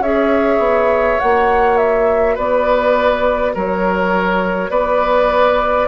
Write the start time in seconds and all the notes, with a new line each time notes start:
0.00 C#4 G#4 C#5 E5
0.59 B3
1.20 A#3 F#4 F#5
1.78 E5
2.35 B3 B4 D5
3.55 F#3 A#4 C#5
4.70 B3 B4 D5